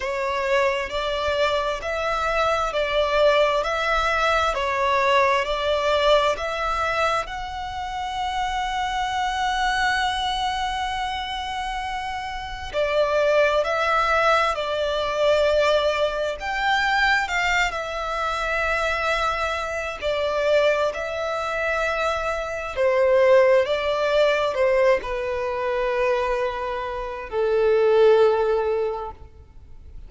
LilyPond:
\new Staff \with { instrumentName = "violin" } { \time 4/4 \tempo 4 = 66 cis''4 d''4 e''4 d''4 | e''4 cis''4 d''4 e''4 | fis''1~ | fis''2 d''4 e''4 |
d''2 g''4 f''8 e''8~ | e''2 d''4 e''4~ | e''4 c''4 d''4 c''8 b'8~ | b'2 a'2 | }